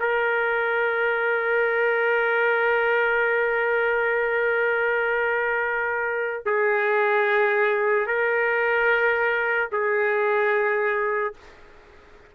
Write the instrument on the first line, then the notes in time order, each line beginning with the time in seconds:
trumpet
0.00 A#4
6.46 G#4
8.07 A#4
9.72 G#4